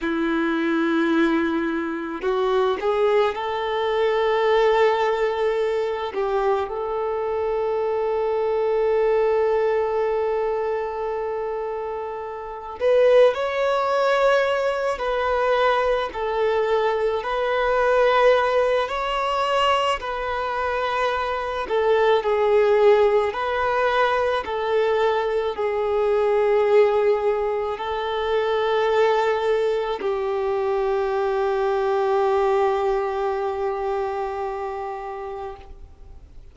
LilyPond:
\new Staff \with { instrumentName = "violin" } { \time 4/4 \tempo 4 = 54 e'2 fis'8 gis'8 a'4~ | a'4. g'8 a'2~ | a'2.~ a'8 b'8 | cis''4. b'4 a'4 b'8~ |
b'4 cis''4 b'4. a'8 | gis'4 b'4 a'4 gis'4~ | gis'4 a'2 g'4~ | g'1 | }